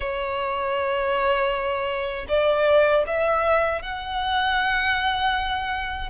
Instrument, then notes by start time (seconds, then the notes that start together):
violin
0.00 C#5
2.28 D5
3.06 E5
3.81 F#5